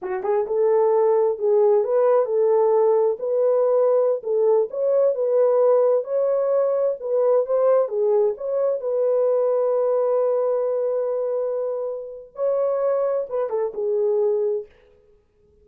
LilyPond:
\new Staff \with { instrumentName = "horn" } { \time 4/4 \tempo 4 = 131 fis'8 gis'8 a'2 gis'4 | b'4 a'2 b'4~ | b'4~ b'16 a'4 cis''4 b'8.~ | b'4~ b'16 cis''2 b'8.~ |
b'16 c''4 gis'4 cis''4 b'8.~ | b'1~ | b'2. cis''4~ | cis''4 b'8 a'8 gis'2 | }